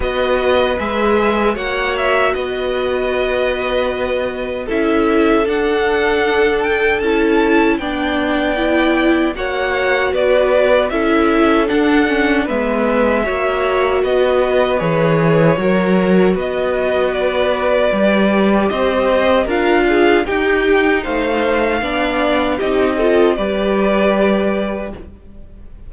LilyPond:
<<
  \new Staff \with { instrumentName = "violin" } { \time 4/4 \tempo 4 = 77 dis''4 e''4 fis''8 e''8 dis''4~ | dis''2 e''4 fis''4~ | fis''8 g''8 a''4 g''2 | fis''4 d''4 e''4 fis''4 |
e''2 dis''4 cis''4~ | cis''4 dis''4 d''2 | dis''4 f''4 g''4 f''4~ | f''4 dis''4 d''2 | }
  \new Staff \with { instrumentName = "violin" } { \time 4/4 b'2 cis''4 b'4~ | b'2 a'2~ | a'2 d''2 | cis''4 b'4 a'2 |
b'4 cis''4 b'2 | ais'4 b'2. | c''4 ais'8 gis'8 g'4 c''4 | d''4 g'8 a'8 b'2 | }
  \new Staff \with { instrumentName = "viola" } { \time 4/4 fis'4 gis'4 fis'2~ | fis'2 e'4 d'4~ | d'4 e'4 d'4 e'4 | fis'2 e'4 d'8 cis'8 |
b4 fis'2 gis'4 | fis'2. g'4~ | g'4 f'4 dis'2 | d'4 dis'8 f'8 g'2 | }
  \new Staff \with { instrumentName = "cello" } { \time 4/4 b4 gis4 ais4 b4~ | b2 cis'4 d'4~ | d'4 cis'4 b2 | ais4 b4 cis'4 d'4 |
gis4 ais4 b4 e4 | fis4 b2 g4 | c'4 d'4 dis'4 a4 | b4 c'4 g2 | }
>>